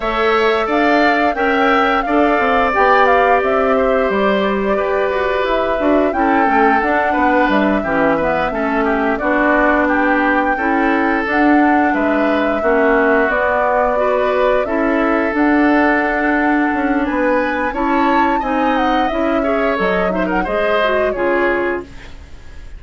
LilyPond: <<
  \new Staff \with { instrumentName = "flute" } { \time 4/4 \tempo 4 = 88 e''4 f''4 g''4 f''4 | g''8 f''8 e''4 d''2 | e''4 g''4 fis''4 e''4~ | e''4. d''4 g''4.~ |
g''8 fis''4 e''2 d''8~ | d''4. e''4 fis''4.~ | fis''4 gis''4 a''4 gis''8 fis''8 | e''4 dis''8 e''16 fis''16 dis''4 cis''4 | }
  \new Staff \with { instrumentName = "oboe" } { \time 4/4 cis''4 d''4 e''4 d''4~ | d''4. c''4. b'4~ | b'4 a'4. b'4 g'8 | b'8 a'8 g'8 fis'4 g'4 a'8~ |
a'4. b'4 fis'4.~ | fis'8 b'4 a'2~ a'8~ | a'4 b'4 cis''4 dis''4~ | dis''8 cis''4 c''16 ais'16 c''4 gis'4 | }
  \new Staff \with { instrumentName = "clarinet" } { \time 4/4 a'2 ais'4 a'4 | g'1~ | g'8 fis'8 e'8 cis'8 d'4. cis'8 | b8 cis'4 d'2 e'8~ |
e'8 d'2 cis'4 b8~ | b8 fis'4 e'4 d'4.~ | d'2 e'4 dis'4 | e'8 gis'8 a'8 dis'8 gis'8 fis'8 f'4 | }
  \new Staff \with { instrumentName = "bassoon" } { \time 4/4 a4 d'4 cis'4 d'8 c'8 | b4 c'4 g4 g'8 fis'8 | e'8 d'8 cis'8 a8 d'8 b8 g8 e8~ | e8 a4 b2 cis'8~ |
cis'8 d'4 gis4 ais4 b8~ | b4. cis'4 d'4.~ | d'8 cis'8 b4 cis'4 c'4 | cis'4 fis4 gis4 cis4 | }
>>